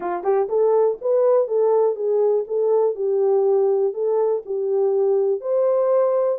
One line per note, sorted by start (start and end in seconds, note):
0.00 0.23 F4
0.23 0.48 G4
0.48 0.97 A4
1.01 1.47 B4
1.47 1.95 A4
1.95 2.44 G#4
2.47 2.95 A4
2.95 3.93 G4
3.93 4.42 A4
4.45 5.41 G4
5.41 6.38 C5